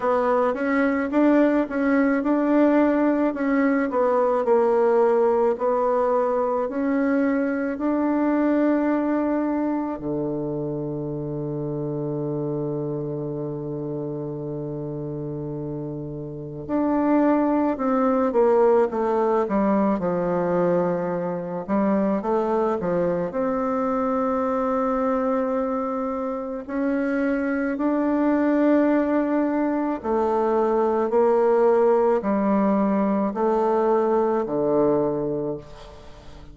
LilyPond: \new Staff \with { instrumentName = "bassoon" } { \time 4/4 \tempo 4 = 54 b8 cis'8 d'8 cis'8 d'4 cis'8 b8 | ais4 b4 cis'4 d'4~ | d'4 d2.~ | d2. d'4 |
c'8 ais8 a8 g8 f4. g8 | a8 f8 c'2. | cis'4 d'2 a4 | ais4 g4 a4 d4 | }